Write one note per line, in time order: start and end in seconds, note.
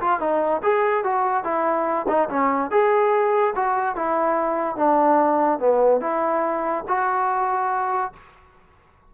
0.00 0.20 F4
0.20 0.61 D#4
0.62 1.04 G#4
1.04 1.44 F#4
1.44 2.06 E4
2.08 2.28 D#4
2.29 2.70 C#4
2.70 3.54 G#4
3.55 3.95 F#4
3.95 4.76 E4
4.76 5.59 D4
5.59 6.00 B3
6.01 6.84 E4
6.87 8.12 F#4